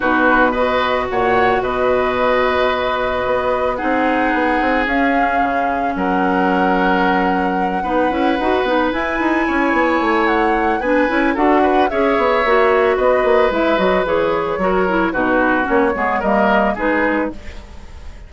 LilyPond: <<
  \new Staff \with { instrumentName = "flute" } { \time 4/4 \tempo 4 = 111 b'4 dis''4 fis''4 dis''4~ | dis''2. fis''4~ | fis''4 f''2 fis''4~ | fis''1~ |
fis''8 gis''2~ gis''8 fis''4 | gis''4 fis''4 e''2 | dis''4 e''8 dis''8 cis''2 | b'4 cis''4 dis''4 b'4 | }
  \new Staff \with { instrumentName = "oboe" } { \time 4/4 fis'4 b'4 cis''4 b'4~ | b'2. gis'4~ | gis'2. ais'4~ | ais'2~ ais'8 b'4.~ |
b'4. cis''2~ cis''8 | b'4 a'8 b'8 cis''2 | b'2. ais'4 | fis'4. gis'8 ais'4 gis'4 | }
  \new Staff \with { instrumentName = "clarinet" } { \time 4/4 dis'4 fis'2.~ | fis'2. dis'4~ | dis'4 cis'2.~ | cis'2~ cis'8 dis'8 e'8 fis'8 |
dis'8 e'2.~ e'8 | d'8 e'8 fis'4 gis'4 fis'4~ | fis'4 e'8 fis'8 gis'4 fis'8 e'8 | dis'4 cis'8 b8 ais4 dis'4 | }
  \new Staff \with { instrumentName = "bassoon" } { \time 4/4 b,2 ais,4 b,4~ | b,2 b4 c'4 | b8 c'8 cis'4 cis4 fis4~ | fis2~ fis8 b8 cis'8 dis'8 |
b8 e'8 dis'8 cis'8 b8 a4. | b8 cis'8 d'4 cis'8 b8 ais4 | b8 ais8 gis8 fis8 e4 fis4 | b,4 ais8 gis8 g4 gis4 | }
>>